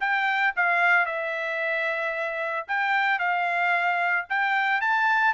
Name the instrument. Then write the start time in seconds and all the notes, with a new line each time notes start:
trumpet
0.00 G5
0.56 F5
1.05 E5
2.67 G5
3.19 F5
4.29 G5
4.81 A5